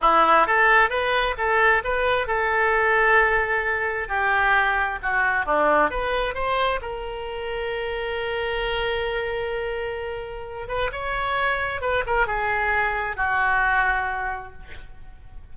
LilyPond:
\new Staff \with { instrumentName = "oboe" } { \time 4/4 \tempo 4 = 132 e'4 a'4 b'4 a'4 | b'4 a'2.~ | a'4 g'2 fis'4 | d'4 b'4 c''4 ais'4~ |
ais'1~ | ais'2.~ ais'8 b'8 | cis''2 b'8 ais'8 gis'4~ | gis'4 fis'2. | }